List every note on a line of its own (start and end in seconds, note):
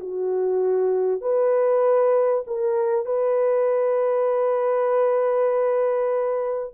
0.00 1.21 F#4
1.21 2.44 B4
2.47 3.06 A#4
3.06 6.73 B4